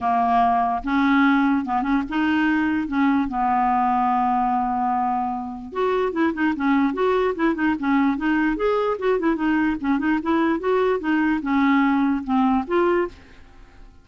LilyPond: \new Staff \with { instrumentName = "clarinet" } { \time 4/4 \tempo 4 = 147 ais2 cis'2 | b8 cis'8 dis'2 cis'4 | b1~ | b2 fis'4 e'8 dis'8 |
cis'4 fis'4 e'8 dis'8 cis'4 | dis'4 gis'4 fis'8 e'8 dis'4 | cis'8 dis'8 e'4 fis'4 dis'4 | cis'2 c'4 f'4 | }